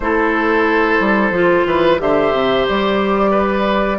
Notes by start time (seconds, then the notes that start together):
0.00 A3 E4 A4 C5
1.00 G3
1.30 F3 F4
1.66 E3 B4
1.98 D3 G4 C5 E5
2.32 C3
2.68 G3 D5
3.30 B4